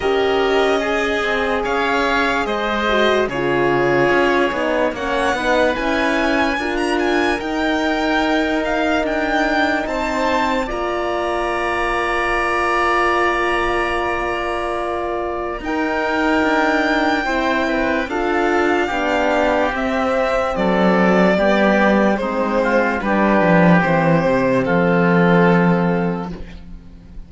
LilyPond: <<
  \new Staff \with { instrumentName = "violin" } { \time 4/4 \tempo 4 = 73 dis''2 f''4 dis''4 | cis''2 fis''4 gis''4~ | gis''16 ais''16 gis''8 g''4. f''8 g''4 | a''4 ais''2.~ |
ais''2. g''4~ | g''2 f''2 | e''4 d''2 c''4 | b'4 c''4 a'2 | }
  \new Staff \with { instrumentName = "oboe" } { \time 4/4 ais'4 gis'4 cis''4 c''4 | gis'2 cis''8 b'4. | ais'1 | c''4 d''2.~ |
d''2. ais'4~ | ais'4 c''8 b'8 a'4 g'4~ | g'4 a'4 g'4 dis'8 f'8 | g'2 f'2 | }
  \new Staff \with { instrumentName = "horn" } { \time 4/4 g'4 gis'2~ gis'8 fis'8 | f'4. dis'8 cis'8 dis'8 e'4 | f'4 dis'2.~ | dis'4 f'2.~ |
f'2. dis'4~ | dis'4 e'4 f'4 d'4 | c'2 b4 c'4 | d'4 c'2. | }
  \new Staff \with { instrumentName = "cello" } { \time 4/4 cis'4. c'8 cis'4 gis4 | cis4 cis'8 b8 ais8 b8 cis'4 | d'4 dis'2 d'4 | c'4 ais2.~ |
ais2. dis'4 | d'4 c'4 d'4 b4 | c'4 fis4 g4 gis4 | g8 f8 e8 c8 f2 | }
>>